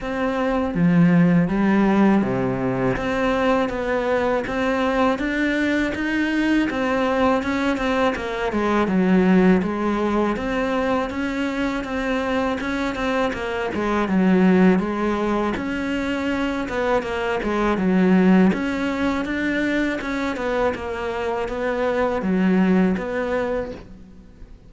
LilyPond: \new Staff \with { instrumentName = "cello" } { \time 4/4 \tempo 4 = 81 c'4 f4 g4 c4 | c'4 b4 c'4 d'4 | dis'4 c'4 cis'8 c'8 ais8 gis8 | fis4 gis4 c'4 cis'4 |
c'4 cis'8 c'8 ais8 gis8 fis4 | gis4 cis'4. b8 ais8 gis8 | fis4 cis'4 d'4 cis'8 b8 | ais4 b4 fis4 b4 | }